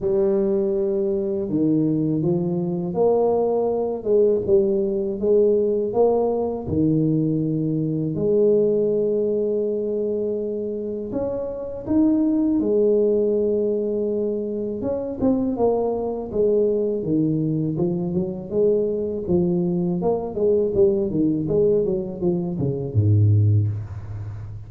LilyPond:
\new Staff \with { instrumentName = "tuba" } { \time 4/4 \tempo 4 = 81 g2 dis4 f4 | ais4. gis8 g4 gis4 | ais4 dis2 gis4~ | gis2. cis'4 |
dis'4 gis2. | cis'8 c'8 ais4 gis4 dis4 | f8 fis8 gis4 f4 ais8 gis8 | g8 dis8 gis8 fis8 f8 cis8 gis,4 | }